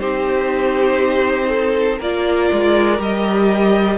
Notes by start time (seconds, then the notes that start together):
0.00 C4 D#4 G4 C5
1.49 A4
1.98 A#3 F4 A#4 D5
2.52 G#3
2.97 G3 G4 D#5